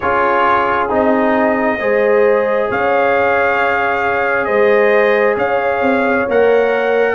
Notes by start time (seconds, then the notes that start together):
0.00 C#4 F4 G#4 C#5
0.89 C4 D#4 D#5
1.80 G#3 G#4 C5
2.69 C#4 C#5 F5
4.45 G#3 C5 D#5
5.36 C#4 C#5 F5
5.81 C4
6.28 A#3 A#4 F#5